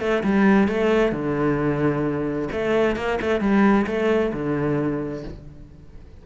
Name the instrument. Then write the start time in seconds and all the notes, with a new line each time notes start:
cello
0.00 A3
0.23 G3
0.68 A3
1.12 D3
2.52 A3
2.96 A#3
3.21 A3
3.40 G3
3.87 A3
4.33 D3